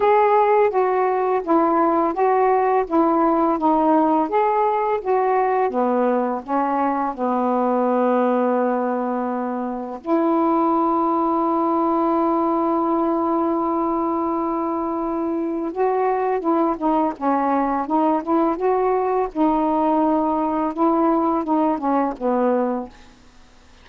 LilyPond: \new Staff \with { instrumentName = "saxophone" } { \time 4/4 \tempo 4 = 84 gis'4 fis'4 e'4 fis'4 | e'4 dis'4 gis'4 fis'4 | b4 cis'4 b2~ | b2 e'2~ |
e'1~ | e'2 fis'4 e'8 dis'8 | cis'4 dis'8 e'8 fis'4 dis'4~ | dis'4 e'4 dis'8 cis'8 b4 | }